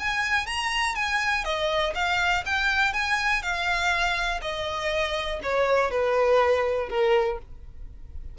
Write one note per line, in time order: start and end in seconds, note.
0.00 0.46 G#5
0.46 0.96 A#5
0.96 1.45 G#5
1.45 1.94 D#5
1.95 2.44 F5
2.46 2.93 G5
2.93 3.42 G#5
3.42 4.41 F5
4.42 5.40 D#5
5.43 5.91 C#5
5.91 6.89 B4
6.89 7.39 A#4